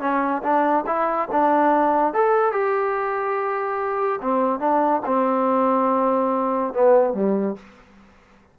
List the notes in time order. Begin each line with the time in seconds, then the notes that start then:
0.00 C#4
0.43 D4
0.87 E4
1.32 D4
2.14 A4
2.52 G4
4.21 C4
4.60 D4
5.06 C4
6.74 B3
7.14 G3